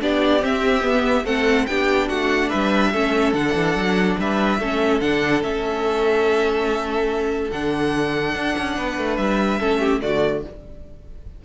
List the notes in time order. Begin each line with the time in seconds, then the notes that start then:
0.00 B3 D4 G4 D5
0.39 C4 E5
0.81 B3
1.24 A3 C4 A4 F#5
1.66 B3 D4 G4 G5
2.08 A3 F#4 F#5
2.49 G3 B4 E5
2.92 A3 C#4 A4
3.33 D3 D4 F#5
3.54 E3
3.75 F#3
4.18 G3 B4 E5
4.59 A3 C#4 A4
5.00 D3 D4 F#5
5.42 A3 C#4 E5
7.51 D3 D4 F#5
8.35 D4
8.58 C#4
8.77 B3 B4
8.97 A3
9.16 G3 E5
9.59 A3 C#4 A4
9.80 G4
10.00 D3 A3 F#4 D5